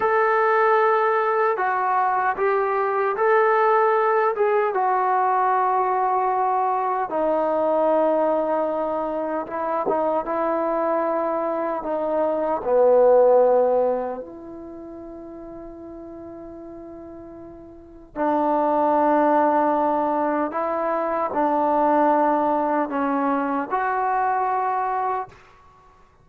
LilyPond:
\new Staff \with { instrumentName = "trombone" } { \time 4/4 \tempo 4 = 76 a'2 fis'4 g'4 | a'4. gis'8 fis'2~ | fis'4 dis'2. | e'8 dis'8 e'2 dis'4 |
b2 e'2~ | e'2. d'4~ | d'2 e'4 d'4~ | d'4 cis'4 fis'2 | }